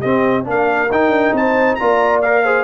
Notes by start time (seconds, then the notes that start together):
0.00 C4 G4 D#5
0.44 A#3 D4 F5
0.50 A#4
0.90 D#4 G5
1.08 D4
1.32 C4 C5 A5
1.75 A#3 F4 D5 A#5
2.21 A#4 F5
2.43 G#4 C5